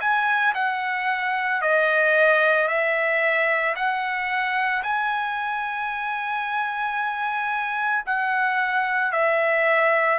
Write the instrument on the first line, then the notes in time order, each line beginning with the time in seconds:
trumpet
0.00 G#5
0.55 F#5
1.62 D#5
2.68 E5
3.75 F#5
4.83 G#5
8.06 F#5
9.12 E5